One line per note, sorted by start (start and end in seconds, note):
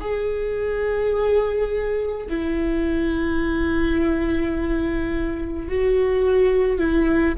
0.00 2.26 G#4
2.30 5.68 E4
5.68 6.78 F#4
6.78 7.34 E4